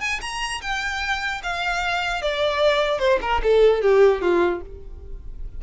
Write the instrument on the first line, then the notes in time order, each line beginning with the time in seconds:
violin
0.00 G#5
0.21 A#5
0.61 G5
1.43 F5
2.22 D5
2.99 C5
3.21 A#4
3.43 A4
3.82 G4
4.21 F4